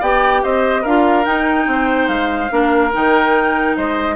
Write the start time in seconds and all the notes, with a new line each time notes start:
0.00 B3 G4 D5 G5
0.44 C4 C5 D#5
0.82 D4 F4 A#4 F5
1.25 D#4 G5
1.67 C4 C5
2.08 G#3 F5
2.50 A#3 D4 A#4
2.93 D#3 D#4 G5
3.76 G#3 C5 D#5